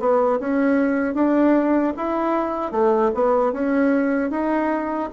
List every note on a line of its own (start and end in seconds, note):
0.00 0.39 B3
0.40 1.14 C#4
1.14 1.93 D4
1.97 2.72 E4
2.72 3.11 A3
3.15 3.53 B3
3.53 4.31 C#4
4.31 5.10 D#4